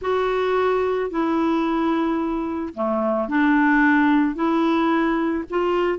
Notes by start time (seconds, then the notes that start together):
0.01 F#4
1.10 E4
2.74 A3
3.28 D4
4.35 E4
5.49 F4